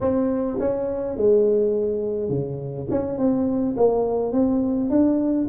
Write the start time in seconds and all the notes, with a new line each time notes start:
0.00 C4
0.59 C#4
1.17 G#3
2.29 C#3
2.90 C#4
3.18 C4
3.76 A#3
4.32 C4
4.90 D4